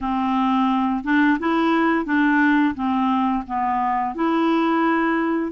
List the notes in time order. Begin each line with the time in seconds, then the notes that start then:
0.00 C4
1.03 D4
1.39 E4
2.05 D4
2.74 C4
3.46 B3
4.14 E4